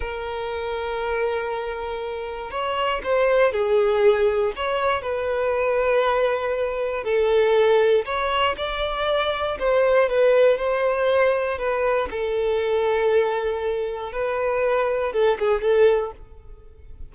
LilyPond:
\new Staff \with { instrumentName = "violin" } { \time 4/4 \tempo 4 = 119 ais'1~ | ais'4 cis''4 c''4 gis'4~ | gis'4 cis''4 b'2~ | b'2 a'2 |
cis''4 d''2 c''4 | b'4 c''2 b'4 | a'1 | b'2 a'8 gis'8 a'4 | }